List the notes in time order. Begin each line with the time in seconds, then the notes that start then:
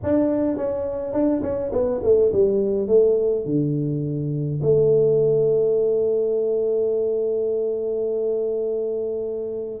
0.03 D4
0.56 C#4
1.12 D4
1.42 C#4
1.72 B3
2.03 A3
2.32 G3
2.87 A3
3.45 D3
4.62 A3